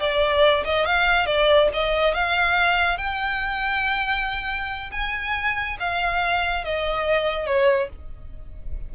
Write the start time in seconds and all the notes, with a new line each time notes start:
0.00 D5
0.65 D#5
0.86 F5
1.26 D5
1.73 D#5
2.14 F5
2.98 G5
4.92 G#5
5.80 F5
6.65 D#5
7.47 C#5